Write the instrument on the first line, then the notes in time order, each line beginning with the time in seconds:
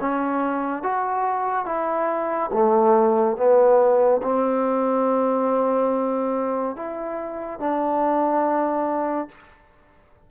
trombone
0.00 C#4
0.83 F#4
1.66 E4
2.52 A3
3.36 B3
4.23 C4
6.76 E4
7.59 D4